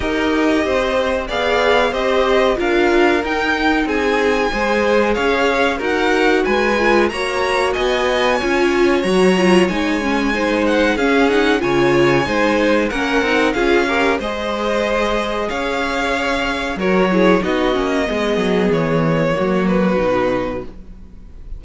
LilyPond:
<<
  \new Staff \with { instrumentName = "violin" } { \time 4/4 \tempo 4 = 93 dis''2 f''4 dis''4 | f''4 g''4 gis''2 | f''4 fis''4 gis''4 ais''4 | gis''2 ais''4 gis''4~ |
gis''8 fis''8 f''8 fis''8 gis''2 | fis''4 f''4 dis''2 | f''2 cis''4 dis''4~ | dis''4 cis''4. b'4. | }
  \new Staff \with { instrumentName = "violin" } { \time 4/4 ais'4 c''4 d''4 c''4 | ais'2 gis'4 c''4 | cis''4 ais'4 b'4 cis''4 | dis''4 cis''2. |
c''4 gis'4 cis''4 c''4 | ais'4 gis'8 ais'8 c''2 | cis''2 ais'8 gis'8 fis'4 | gis'2 fis'2 | }
  \new Staff \with { instrumentName = "viola" } { \time 4/4 g'2 gis'4 g'4 | f'4 dis'2 gis'4~ | gis'4 fis'4. f'8 fis'4~ | fis'4 f'4 fis'8 f'8 dis'8 cis'8 |
dis'4 cis'8 dis'8 f'4 dis'4 | cis'8 dis'8 f'8 g'8 gis'2~ | gis'2 fis'8 e'8 dis'8 cis'8 | b2 ais4 dis'4 | }
  \new Staff \with { instrumentName = "cello" } { \time 4/4 dis'4 c'4 b4 c'4 | d'4 dis'4 c'4 gis4 | cis'4 dis'4 gis4 ais4 | b4 cis'4 fis4 gis4~ |
gis4 cis'4 cis4 gis4 | ais8 c'8 cis'4 gis2 | cis'2 fis4 b8 ais8 | gis8 fis8 e4 fis4 b,4 | }
>>